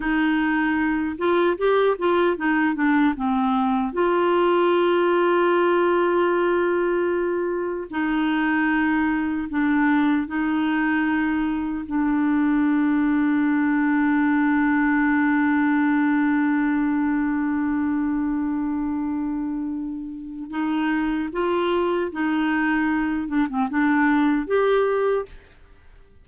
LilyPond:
\new Staff \with { instrumentName = "clarinet" } { \time 4/4 \tempo 4 = 76 dis'4. f'8 g'8 f'8 dis'8 d'8 | c'4 f'2.~ | f'2 dis'2 | d'4 dis'2 d'4~ |
d'1~ | d'1~ | d'2 dis'4 f'4 | dis'4. d'16 c'16 d'4 g'4 | }